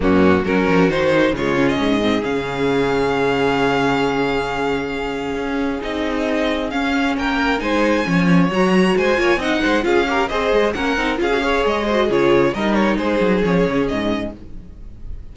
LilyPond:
<<
  \new Staff \with { instrumentName = "violin" } { \time 4/4 \tempo 4 = 134 fis'4 ais'4 c''4 cis''8. dis''16~ | dis''4 f''2.~ | f''1~ | f''4 dis''2 f''4 |
g''4 gis''2 ais''4 | gis''4 fis''4 f''4 dis''4 | fis''4 f''4 dis''4 cis''4 | dis''8 cis''8 c''4 cis''4 dis''4 | }
  \new Staff \with { instrumentName = "violin" } { \time 4/4 cis'4 fis'2 f'4 | gis'1~ | gis'1~ | gis'1 |
ais'4 c''4 cis''2 | c''8 cis''8 dis''8 c''8 gis'8 ais'8 c''4 | ais'4 gis'8 cis''4 c''8 gis'4 | ais'4 gis'2. | }
  \new Staff \with { instrumentName = "viola" } { \time 4/4 ais4 cis'4 dis'4 gis8 cis'8~ | cis'8 c'8 cis'2.~ | cis'1~ | cis'4 dis'2 cis'4~ |
cis'4 dis'4 cis'4 fis'4~ | fis'8 f'8 dis'4 f'8 g'8 gis'4 | cis'8 dis'8 f'16 fis'16 gis'4 fis'8 f'4 | dis'2 cis'2 | }
  \new Staff \with { instrumentName = "cello" } { \time 4/4 fis,4 fis8 f8 dis4 cis4 | gis,4 cis2.~ | cis1 | cis'4 c'2 cis'4 |
ais4 gis4 f4 fis4 | gis8 ais8 c'8 gis8 cis'4 c'8 gis8 | ais8 c'8 cis'4 gis4 cis4 | g4 gis8 fis8 f8 cis8 gis,4 | }
>>